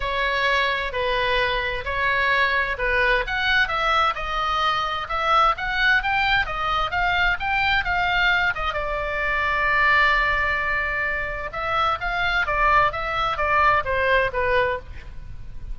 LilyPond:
\new Staff \with { instrumentName = "oboe" } { \time 4/4 \tempo 4 = 130 cis''2 b'2 | cis''2 b'4 fis''4 | e''4 dis''2 e''4 | fis''4 g''4 dis''4 f''4 |
g''4 f''4. dis''8 d''4~ | d''1~ | d''4 e''4 f''4 d''4 | e''4 d''4 c''4 b'4 | }